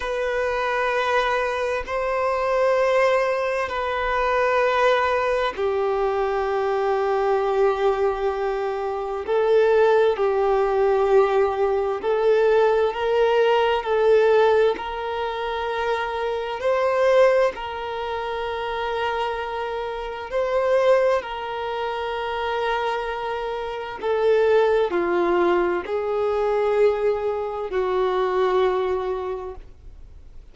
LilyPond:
\new Staff \with { instrumentName = "violin" } { \time 4/4 \tempo 4 = 65 b'2 c''2 | b'2 g'2~ | g'2 a'4 g'4~ | g'4 a'4 ais'4 a'4 |
ais'2 c''4 ais'4~ | ais'2 c''4 ais'4~ | ais'2 a'4 f'4 | gis'2 fis'2 | }